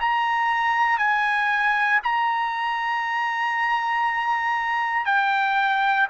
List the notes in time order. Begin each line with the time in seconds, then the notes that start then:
0.00 A#5
0.98 G#5
2.03 A#5
5.06 G5